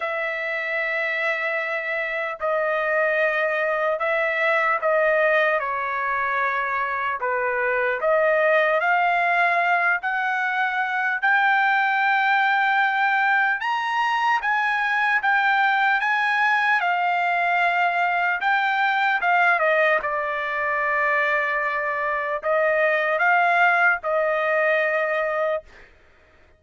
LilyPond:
\new Staff \with { instrumentName = "trumpet" } { \time 4/4 \tempo 4 = 75 e''2. dis''4~ | dis''4 e''4 dis''4 cis''4~ | cis''4 b'4 dis''4 f''4~ | f''8 fis''4. g''2~ |
g''4 ais''4 gis''4 g''4 | gis''4 f''2 g''4 | f''8 dis''8 d''2. | dis''4 f''4 dis''2 | }